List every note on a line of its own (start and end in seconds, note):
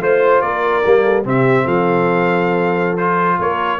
0.00 0.41 A3
0.00 0.83 F4
0.00 0.41 C5
0.00 0.44 C5
0.41 0.82 A#3
0.41 1.03 A#4
0.41 1.23 D5
0.85 1.25 G3
0.85 1.24 A#3
1.03 1.24 A4
1.24 1.66 C3
1.24 2.98 C4
1.24 1.65 G4
1.24 1.68 E5
1.65 3.39 F3
1.65 3.38 A4
1.65 2.97 F5
2.97 3.79 F4
2.97 3.38 C5
3.39 3.79 A#3
3.39 3.79 A#4
3.39 3.79 C#5